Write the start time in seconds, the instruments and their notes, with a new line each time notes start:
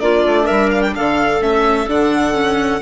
0.00 bassoon A#3, viola D4, clarinet F4, violin D5
0.26 bassoon A3
0.45 bassoon G3, clarinet A#4, violin E5
0.71 violin F5
0.82 violin G5
0.96 bassoon D3, clarinet A4, violin F5
1.41 bassoon A3, viola C#4, violin E5
1.87 bassoon D3, viola D4, violin F#5
2.34 viola C#4